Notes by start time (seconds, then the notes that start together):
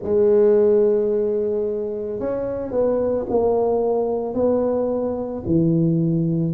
0.02 G#3
2.19 C#4
2.71 B3
3.29 A#3
4.33 B3
5.45 E3